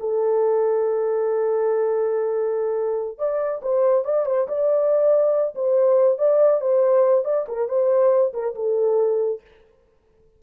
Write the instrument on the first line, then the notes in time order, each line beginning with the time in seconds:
horn
0.00 A4
3.19 D5
3.62 C5
4.05 D5
4.26 C5
4.48 D5
5.55 C5
6.19 D5
6.61 C5
7.25 D5
7.49 A#4
7.69 C5
8.34 A#4
8.55 A4